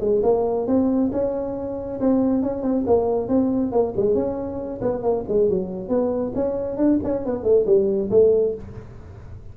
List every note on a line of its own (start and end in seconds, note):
0.00 0.22 G#3
0.23 0.67 A#3
0.67 1.11 C4
1.12 2.00 C#4
2.00 2.43 C4
2.43 2.62 C#4
2.62 2.84 C4
2.87 3.28 A#3
3.28 3.72 C4
3.72 3.94 A#3
3.96 4.15 G#3
4.15 4.80 C#4
4.82 5.02 B3
5.02 5.24 A#3
5.28 5.49 G#3
5.49 5.89 F#3
5.89 6.33 B3
6.35 6.77 C#4
6.77 6.99 D4
7.04 7.25 C#4
7.25 7.44 B3
7.44 7.65 A3
7.66 8.10 G3
8.11 8.55 A3